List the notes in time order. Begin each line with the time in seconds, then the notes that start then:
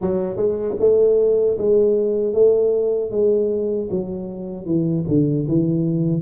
0.01 F#3
0.36 G#3
0.79 A3
1.58 G#3
2.33 A3
3.11 G#3
3.90 F#3
4.65 E3
5.08 D3
5.48 E3